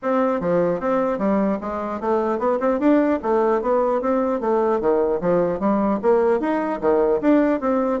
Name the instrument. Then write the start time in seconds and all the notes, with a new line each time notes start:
bassoon
0.02 C4
0.40 F3
0.79 C4
1.18 G3
1.60 G#3
2.00 A3
2.38 B3
2.59 C4
2.79 D4
3.22 A3
3.61 B3
4.01 C4
4.40 A3
4.80 D#3
5.20 F3
5.59 G3
6.02 A#3
6.40 D#4
6.81 D#3
7.21 D4
7.60 C4